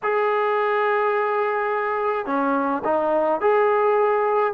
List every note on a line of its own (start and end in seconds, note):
0.03 2.25 G#4
2.25 2.82 C#4
2.84 3.40 D#4
3.40 4.53 G#4